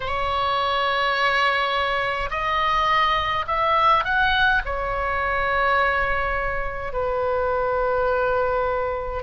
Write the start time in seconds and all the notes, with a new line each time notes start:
0.00 C#5
2.30 D#5
3.47 E5
4.04 F#5
4.65 C#5
6.92 B4